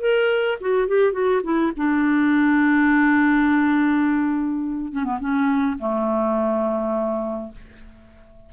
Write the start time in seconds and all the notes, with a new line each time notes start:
0.00 A#4
0.60 F#4
0.87 G4
1.12 F#4
1.43 E4
1.76 D4
4.92 C#4
5.04 B3
5.20 C#4
5.78 A3